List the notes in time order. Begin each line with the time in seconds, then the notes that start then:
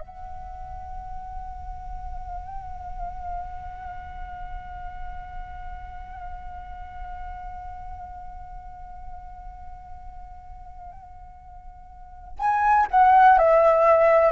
0.00 F#5
12.39 G#5
12.91 F#5
13.38 E5